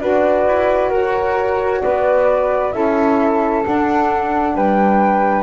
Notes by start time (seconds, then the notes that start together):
0.00 D4 F#4 B4 D5
0.47 E4
0.90 F#4 A#4 C#5
1.82 B3 B4 D5
2.72 C#4 E4 A4 E5
3.64 D4 F#5
4.55 G3 B4 G5